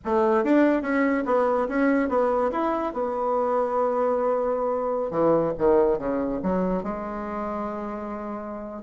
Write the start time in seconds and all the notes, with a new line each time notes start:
0.04 A3
0.43 D4
0.81 C#4
1.25 B3
1.68 C#4
2.08 B3
2.51 E4
2.93 B3
5.10 E3
5.58 D#3
5.98 C#3
6.43 F#3
6.83 G#3